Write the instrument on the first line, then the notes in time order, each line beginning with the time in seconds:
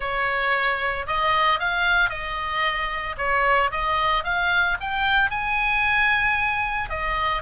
oboe
0.00 C#5
1.06 D#5
1.59 F5
2.09 D#5
3.17 C#5
3.71 D#5
4.24 F5
4.80 G5
5.30 G#5
6.89 D#5